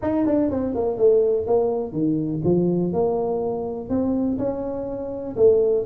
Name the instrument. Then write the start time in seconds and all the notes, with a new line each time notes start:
tuba
0.02 D#4
0.25 D4
0.50 C4
0.75 A#3
0.97 A3
1.46 A#3
1.92 D#3
2.44 F3
2.92 A#3
3.89 C4
4.38 C#4
5.36 A3